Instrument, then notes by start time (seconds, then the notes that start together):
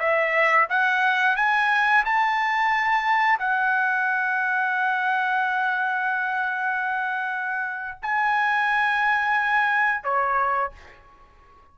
trumpet
0.00 E5
0.70 F#5
1.37 G#5
2.06 A5
3.39 F#5
8.03 G#5
10.04 C#5